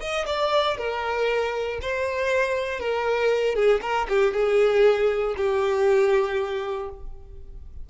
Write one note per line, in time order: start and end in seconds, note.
0.00 0.25 D#5
0.26 0.77 D5
0.78 1.79 A#4
1.81 2.79 C5
2.79 3.55 A#4
3.55 3.80 G#4
3.82 4.07 A#4
4.09 4.33 G4
4.33 5.35 G#4
5.37 6.89 G4